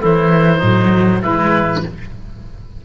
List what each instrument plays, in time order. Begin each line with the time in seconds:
0.00 cello E3, tuba A3, oboe E4 C5
0.58 tuba A2, cello F#3, oboe D#4
1.23 tuba E3, cello G#3, oboe E4 B4